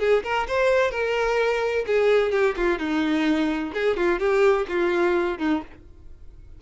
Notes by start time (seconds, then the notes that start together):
0.00 G#4
0.24 A#4
0.48 C5
0.92 A#4
1.87 G#4
2.32 G4
2.57 F4
2.79 D#4
3.74 G#4
3.97 F4
4.20 G4
4.69 F4
5.39 D#4